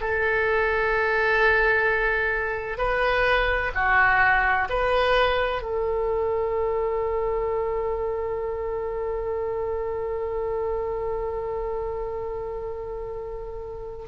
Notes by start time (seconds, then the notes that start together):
0.00 A4
2.77 B4
3.74 F#4
4.69 B4
5.62 A4